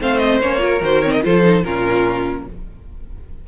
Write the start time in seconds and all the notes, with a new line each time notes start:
0.00 A3 C4 C5 F5
0.18 D#5
0.40 A#3 C#4 C#5
0.58 F4 A#4
0.81 D#3 F#4 C5
1.02 C4 C#5
1.12 D#5
1.22 F3 F4 A4 C5
1.42 D#4
1.64 A#2 C#4 F4 A#4